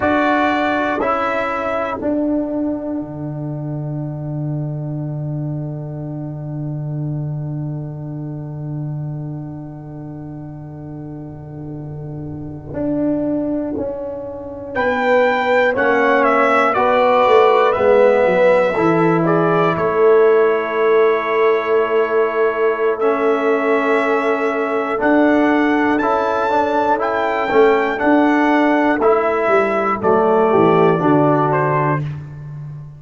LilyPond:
<<
  \new Staff \with { instrumentName = "trumpet" } { \time 4/4 \tempo 4 = 60 d''4 e''4 fis''2~ | fis''1~ | fis''1~ | fis''2~ fis''8. g''4 fis''16~ |
fis''16 e''8 d''4 e''4. d''8 cis''16~ | cis''2. e''4~ | e''4 fis''4 a''4 g''4 | fis''4 e''4 d''4. c''8 | }
  \new Staff \with { instrumentName = "horn" } { \time 4/4 a'1~ | a'1~ | a'1~ | a'2~ a'8. b'4 cis''16~ |
cis''8. b'2 a'8 gis'8 a'16~ | a'1~ | a'1~ | a'2~ a'8 g'8 fis'4 | }
  \new Staff \with { instrumentName = "trombone" } { \time 4/4 fis'4 e'4 d'2~ | d'1~ | d'1~ | d'2.~ d'8. cis'16~ |
cis'8. fis'4 b4 e'4~ e'16~ | e'2. cis'4~ | cis'4 d'4 e'8 d'8 e'8 cis'8 | d'4 e'4 a4 d'4 | }
  \new Staff \with { instrumentName = "tuba" } { \time 4/4 d'4 cis'4 d'4 d4~ | d1~ | d1~ | d8. d'4 cis'4 b4 ais16~ |
ais8. b8 a8 gis8 fis8 e4 a16~ | a1~ | a4 d'4 cis'4. a8 | d'4 a8 g8 fis8 e8 d4 | }
>>